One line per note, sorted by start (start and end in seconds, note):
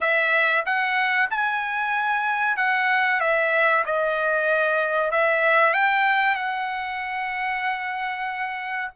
0.01 0.64 E5
0.65 1.29 F#5
1.30 2.56 G#5
2.56 3.20 F#5
3.20 3.84 E5
3.85 5.11 D#5
5.11 5.73 E5
5.73 6.35 G5
6.35 8.90 F#5